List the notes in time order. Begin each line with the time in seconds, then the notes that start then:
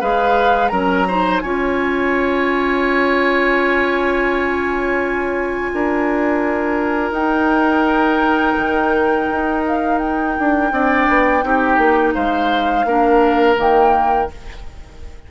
0.00 G#3 G#4 B4 F5
0.68 F#3 C#4 A#4 A#5
1.07 D#4 C5
1.40 C#4 F4 C#5 G#5
5.73 D4 A#4
7.11 D#4 G5
8.56 D#3
9.30 D#4
9.67 F5
9.98 G5
10.38 D4
10.71 C4 D4 D5
11.08 B3
11.42 C4 D#4 G4
11.78 A#3
12.13 G#3 C5 F5
12.84 A#3 D4 A#4
13.55 D#3 A#3 G5